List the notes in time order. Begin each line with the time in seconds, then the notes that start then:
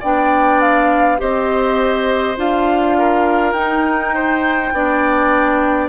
0.00 B3 D4 D5 G5
0.61 F5
1.18 C4 G4 C5 D#5
2.37 D4 F4 F5
2.98 A#4
3.53 D#4 G5
4.15 C5
4.72 B3 D4 D5